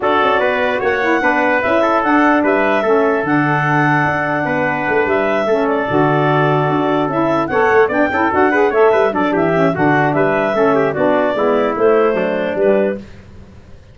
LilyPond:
<<
  \new Staff \with { instrumentName = "clarinet" } { \time 4/4 \tempo 4 = 148 d''2 fis''2 | e''4 fis''4 e''2 | fis''1~ | fis''8 e''4. d''2~ |
d''4. e''4 fis''4 g''8~ | g''8 fis''4 e''4 d''8 e''4 | fis''4 e''2 d''4~ | d''4 c''2 b'4 | }
  \new Staff \with { instrumentName = "trumpet" } { \time 4/4 a'4 b'4 cis''4 b'4~ | b'8 a'4. b'4 a'4~ | a'2. b'4~ | b'4. a'2~ a'8~ |
a'2~ a'8 cis''4 d''8 | a'4 b'8 cis''8 b'8 a'8 g'4 | fis'4 b'4 a'8 g'8 fis'4 | e'2 d'2 | }
  \new Staff \with { instrumentName = "saxophone" } { \time 4/4 fis'2~ fis'8 e'8 d'4 | e'4 d'2 cis'4 | d'1~ | d'4. cis'4 fis'4.~ |
fis'4. e'4 a'4 d'8 | e'8 fis'8 gis'8 a'4 d'4 cis'8 | d'2 cis'4 d'4 | b4 a2 g4 | }
  \new Staff \with { instrumentName = "tuba" } { \time 4/4 d'8 cis'8 b4 ais4 b4 | cis'4 d'4 g4 a4 | d2 d'4 b4 | a8 g4 a4 d4.~ |
d8 d'4 cis'4 b8 a8 b8 | cis'8 d'4 a8 g8 fis8 e4 | d4 g4 a4 b4 | gis4 a4 fis4 g4 | }
>>